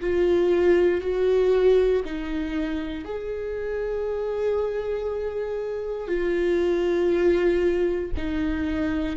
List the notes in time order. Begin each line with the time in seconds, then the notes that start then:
0.00 F4
1.01 F#4
2.05 D#4
3.05 G#4
6.07 F4
8.17 D#4